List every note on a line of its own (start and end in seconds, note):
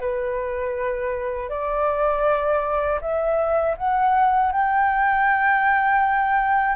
0.00 1.50 B4
1.50 3.00 D5
3.01 3.76 E5
3.77 4.52 F#5
4.52 6.76 G5